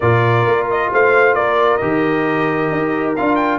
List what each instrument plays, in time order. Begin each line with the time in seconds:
0.00 tuba A#2, trombone F4, horn A#4, trumpet D5
0.46 tuba A#3
0.70 trumpet D#5
0.92 tuba A3, horn C5, trumpet F5
1.34 tuba A#3, horn A#4, trumpet D5
1.77 tuba D#3, trombone G4, trumpet D#5
2.71 tuba D#4
3.16 tuba D4, trombone F4, trumpet F5
3.35 trumpet G5